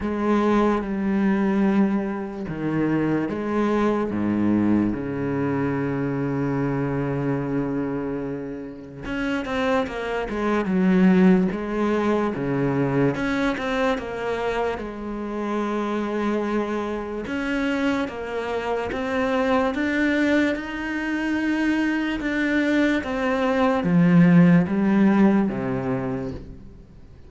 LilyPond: \new Staff \with { instrumentName = "cello" } { \time 4/4 \tempo 4 = 73 gis4 g2 dis4 | gis4 gis,4 cis2~ | cis2. cis'8 c'8 | ais8 gis8 fis4 gis4 cis4 |
cis'8 c'8 ais4 gis2~ | gis4 cis'4 ais4 c'4 | d'4 dis'2 d'4 | c'4 f4 g4 c4 | }